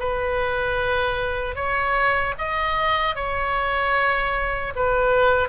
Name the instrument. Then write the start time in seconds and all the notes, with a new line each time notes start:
oboe
0.00 B4
1.56 C#5
2.38 D#5
3.16 C#5
4.75 B4